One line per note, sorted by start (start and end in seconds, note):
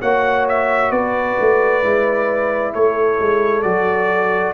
0.00 0.91 A#3
0.00 1.83 F#4
0.00 0.91 C#5
0.00 0.47 F#5
0.48 0.91 E5
0.91 1.36 B3
0.91 2.73 B4
0.91 2.73 D5
1.40 1.83 A3
1.83 2.74 G#3
1.83 3.63 E4
2.74 3.19 A3
2.74 4.53 A4
2.74 3.62 C#5
3.20 3.65 G#3
3.62 4.53 F#3
3.62 4.53 F#4
3.62 4.53 D5